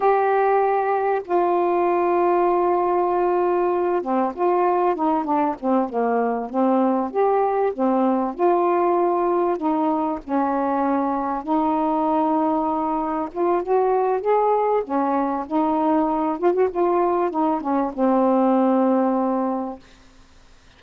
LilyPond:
\new Staff \with { instrumentName = "saxophone" } { \time 4/4 \tempo 4 = 97 g'2 f'2~ | f'2~ f'8 c'8 f'4 | dis'8 d'8 c'8 ais4 c'4 g'8~ | g'8 c'4 f'2 dis'8~ |
dis'8 cis'2 dis'4.~ | dis'4. f'8 fis'4 gis'4 | cis'4 dis'4. f'16 fis'16 f'4 | dis'8 cis'8 c'2. | }